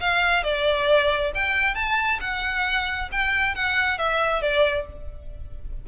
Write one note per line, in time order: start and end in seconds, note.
0.00 0.43 F5
0.43 1.32 D5
1.35 1.75 G5
1.75 2.19 A5
2.20 3.09 F#5
3.12 3.55 G5
3.55 3.98 F#5
3.98 4.42 E5
4.42 4.86 D5